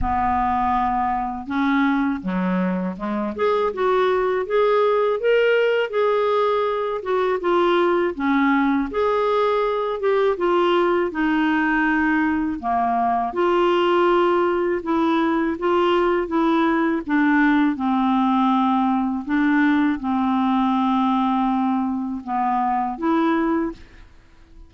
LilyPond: \new Staff \with { instrumentName = "clarinet" } { \time 4/4 \tempo 4 = 81 b2 cis'4 fis4 | gis8 gis'8 fis'4 gis'4 ais'4 | gis'4. fis'8 f'4 cis'4 | gis'4. g'8 f'4 dis'4~ |
dis'4 ais4 f'2 | e'4 f'4 e'4 d'4 | c'2 d'4 c'4~ | c'2 b4 e'4 | }